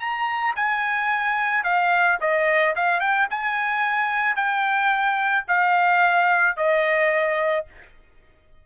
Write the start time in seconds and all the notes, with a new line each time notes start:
0.00 A#5
0.56 G#5
1.64 F5
2.21 D#5
2.76 F5
3.00 G5
3.30 G#5
4.36 G5
5.48 F5
6.57 D#5